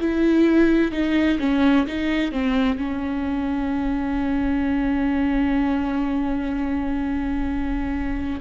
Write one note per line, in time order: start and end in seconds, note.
0.00 0.92 E4
0.92 1.39 D#4
1.40 1.87 C#4
1.87 2.32 D#4
2.32 2.78 C4
2.78 8.41 C#4